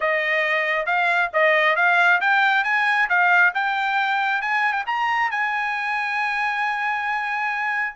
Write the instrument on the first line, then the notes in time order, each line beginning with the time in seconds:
trumpet
0.00 D#5
0.86 F5
1.33 D#5
1.76 F5
2.20 G5
2.64 G#5
3.09 F5
3.54 G5
4.41 G#5
4.72 G5
4.86 A#5
5.30 G#5